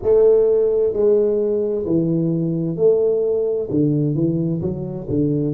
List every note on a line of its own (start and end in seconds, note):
0.02 0.93 A3
0.93 1.85 G#3
1.86 2.76 E3
2.76 3.68 A3
3.70 4.14 D3
4.14 4.60 E3
4.61 5.07 F#3
5.09 5.54 D3